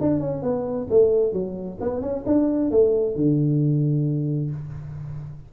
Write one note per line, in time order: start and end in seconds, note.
0.00 0.20 D4
0.20 0.42 C#4
0.42 0.87 B3
0.90 1.32 A3
1.32 1.78 F#3
1.80 2.01 B3
2.01 2.24 C#4
2.26 2.70 D4
2.70 3.15 A3
3.15 4.51 D3